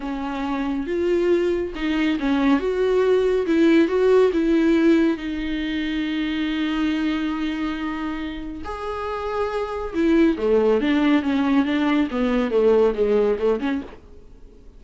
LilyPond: \new Staff \with { instrumentName = "viola" } { \time 4/4 \tempo 4 = 139 cis'2 f'2 | dis'4 cis'4 fis'2 | e'4 fis'4 e'2 | dis'1~ |
dis'1 | gis'2. e'4 | a4 d'4 cis'4 d'4 | b4 a4 gis4 a8 cis'8 | }